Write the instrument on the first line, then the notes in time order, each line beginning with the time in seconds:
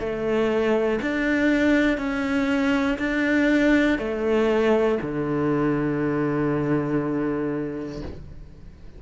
cello
0.00 A3
1.02 D4
1.98 C#4
2.99 D4
3.99 A3
5.02 D3